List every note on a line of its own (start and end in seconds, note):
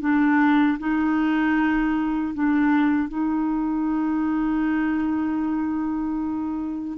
0.00 0.78 D4
0.79 2.34 D#4
2.34 3.09 D4
3.09 6.98 D#4